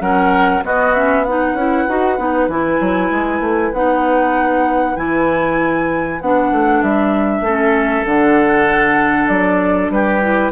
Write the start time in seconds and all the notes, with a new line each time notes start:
0.00 F#3 C#4 A#4 F#5
0.62 B3 F#4 D#5
0.94 C#4 E5
1.24 D#4 B4 F#5
1.53 C#4 E4
1.88 D#4 F#4
2.18 B3 D#4
2.48 E3 E4 G#5
2.80 F#3
3.10 G#3
3.40 A3
3.73 B3 D#4 F#5
4.95 E3 E4 G#5
6.20 B3 D4 F#5
6.51 A3
6.82 G3 E5
7.40 A3 C#4 A4
8.05 D3 D4 F#5
9.28 F#3 D5
9.89 G3 G4 B4
10.22 E4